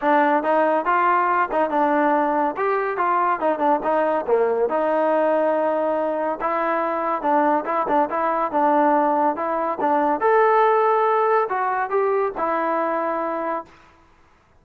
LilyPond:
\new Staff \with { instrumentName = "trombone" } { \time 4/4 \tempo 4 = 141 d'4 dis'4 f'4. dis'8 | d'2 g'4 f'4 | dis'8 d'8 dis'4 ais4 dis'4~ | dis'2. e'4~ |
e'4 d'4 e'8 d'8 e'4 | d'2 e'4 d'4 | a'2. fis'4 | g'4 e'2. | }